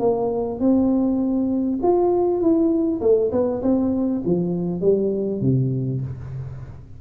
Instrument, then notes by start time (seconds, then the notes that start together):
tuba
0.00 A#3
0.60 C4
1.83 F4
2.41 E4
3.01 A3
3.32 B3
3.62 C4
4.25 F3
4.81 G3
5.41 C3